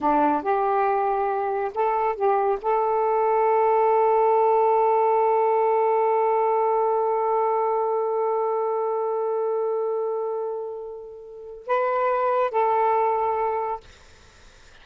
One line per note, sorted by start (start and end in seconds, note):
0.01 0.42 D4
0.42 1.71 G4
1.74 2.15 A4
2.15 2.58 G4
2.61 11.66 A4
11.66 12.50 B4
12.50 13.80 A4